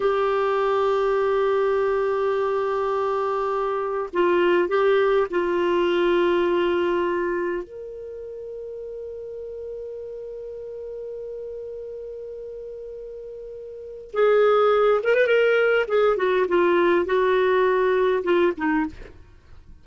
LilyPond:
\new Staff \with { instrumentName = "clarinet" } { \time 4/4 \tempo 4 = 102 g'1~ | g'2. f'4 | g'4 f'2.~ | f'4 ais'2.~ |
ais'1~ | ais'1 | gis'4. ais'16 b'16 ais'4 gis'8 fis'8 | f'4 fis'2 f'8 dis'8 | }